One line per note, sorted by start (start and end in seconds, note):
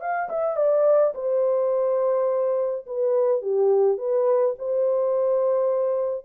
0.00 0.29 F5
0.29 0.56 E5
0.56 1.14 D5
1.14 2.86 C5
2.86 3.42 B4
3.42 3.97 G4
3.97 4.55 B4
4.58 6.25 C5